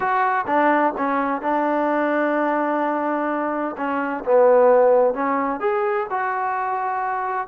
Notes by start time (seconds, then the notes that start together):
0.00 F#4
0.46 D4
0.97 C#4
1.41 D4
3.77 C#4
4.24 B3
5.14 C#4
5.60 G#4
6.10 F#4